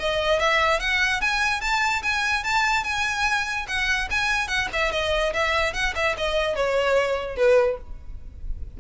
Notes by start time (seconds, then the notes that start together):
0.00 D#5
0.40 E5
0.80 F#5
1.21 G#5
1.62 A5
2.03 G#5
2.45 A5
2.84 G#5
3.68 F#5
4.11 G#5
4.48 F#5
4.74 E5
4.92 D#5
5.34 E5
5.74 F#5
5.96 E5
6.18 D#5
6.56 C#5
7.37 B4